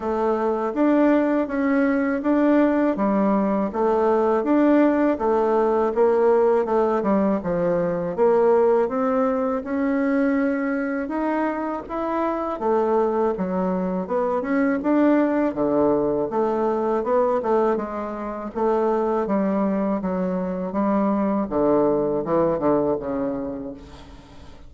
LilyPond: \new Staff \with { instrumentName = "bassoon" } { \time 4/4 \tempo 4 = 81 a4 d'4 cis'4 d'4 | g4 a4 d'4 a4 | ais4 a8 g8 f4 ais4 | c'4 cis'2 dis'4 |
e'4 a4 fis4 b8 cis'8 | d'4 d4 a4 b8 a8 | gis4 a4 g4 fis4 | g4 d4 e8 d8 cis4 | }